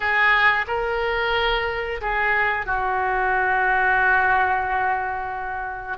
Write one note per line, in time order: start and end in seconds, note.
0.00 0.65 G#4
0.67 2.00 A#4
2.01 2.66 G#4
2.66 5.97 F#4